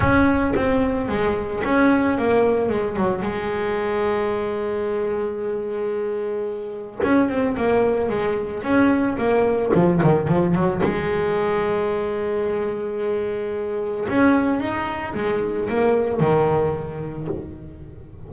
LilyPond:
\new Staff \with { instrumentName = "double bass" } { \time 4/4 \tempo 4 = 111 cis'4 c'4 gis4 cis'4 | ais4 gis8 fis8 gis2~ | gis1~ | gis4 cis'8 c'8 ais4 gis4 |
cis'4 ais4 f8 dis8 f8 fis8 | gis1~ | gis2 cis'4 dis'4 | gis4 ais4 dis2 | }